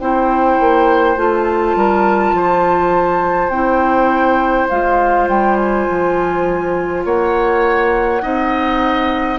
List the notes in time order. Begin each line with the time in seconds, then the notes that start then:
0.00 C4 E4 C5 G5
0.60 A#3
1.16 A3 F4 A5
1.75 G3 A#4
2.33 F3 C5
3.49 C4 E4 G5
4.69 G#3 F4 F5
5.29 G3 G5
5.57 G#5
5.90 F3
7.05 A#3 C#5 F#5
8.22 C4 D#4 D#5